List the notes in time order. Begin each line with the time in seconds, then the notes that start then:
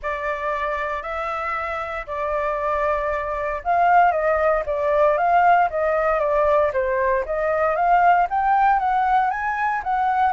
0.02 D5
1.02 E5
2.06 D5
3.64 F5
4.11 D#5
4.66 D5
5.17 F5
5.70 D#5
6.19 D5
6.73 C5
7.25 D#5
7.75 F5
8.30 G5
8.79 F#5
9.30 G#5
9.83 F#5